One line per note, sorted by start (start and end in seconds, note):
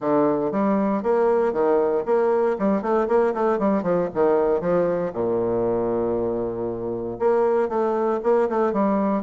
0.00 0.51 D3
0.51 1.03 G3
1.03 1.52 A#3
1.52 2.03 D#3
2.05 2.56 A#3
2.58 2.81 G3
2.81 3.07 A3
3.07 3.33 A#3
3.33 3.59 A3
3.59 3.83 G3
3.83 4.08 F3
4.14 4.60 D#3
4.60 5.12 F3
5.13 7.18 A#2
7.19 7.68 A#3
7.68 8.20 A3
8.23 8.48 A#3
8.49 8.72 A3
8.72 9.23 G3